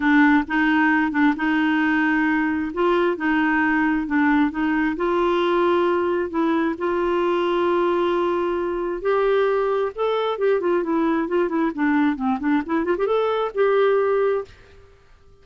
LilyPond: \new Staff \with { instrumentName = "clarinet" } { \time 4/4 \tempo 4 = 133 d'4 dis'4. d'8 dis'4~ | dis'2 f'4 dis'4~ | dis'4 d'4 dis'4 f'4~ | f'2 e'4 f'4~ |
f'1 | g'2 a'4 g'8 f'8 | e'4 f'8 e'8 d'4 c'8 d'8 | e'8 f'16 g'16 a'4 g'2 | }